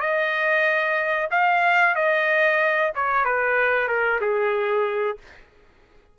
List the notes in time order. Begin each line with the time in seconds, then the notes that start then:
0.00 D#5
1.30 F5
1.95 D#5
2.95 C#5
3.25 B4
3.88 A#4
4.21 G#4